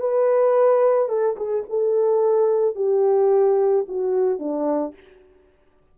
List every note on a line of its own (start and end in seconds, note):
0.00 1.09 B4
1.09 1.36 A4
1.36 1.64 G#4
1.70 2.75 A4
2.75 3.86 G4
3.88 4.39 F#4
4.39 4.94 D4